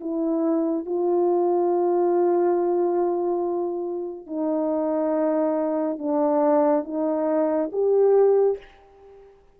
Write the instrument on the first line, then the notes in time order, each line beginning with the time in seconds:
horn
0.00 E4
0.86 F4
4.27 D#4
5.98 D4
6.84 D#4
7.72 G4